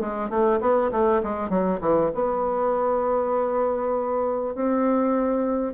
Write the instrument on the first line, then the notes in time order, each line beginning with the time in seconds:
bassoon
0.00 G#3
0.30 A3
0.60 B3
0.91 A3
1.23 G#3
1.49 F#3
1.80 E3
2.14 B3
4.55 C4